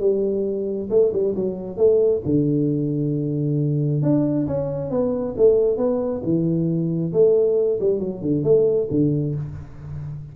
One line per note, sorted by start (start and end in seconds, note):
0.00 0.89 G3
0.90 1.13 A3
1.13 1.35 G3
1.36 1.78 F#3
1.78 2.22 A3
2.25 4.03 D3
4.03 4.47 D4
4.47 4.91 C#4
4.91 5.35 B3
5.37 5.78 A3
5.78 6.22 B3
6.24 7.13 E3
7.13 7.80 A3
7.81 8.00 G3
8.00 8.22 F#3
8.22 8.44 D3
8.44 8.88 A3
8.91 9.35 D3